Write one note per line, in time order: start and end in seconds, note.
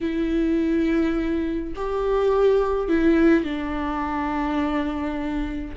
0.01 1.74 E4
1.75 2.88 G4
2.88 3.44 E4
3.44 5.74 D4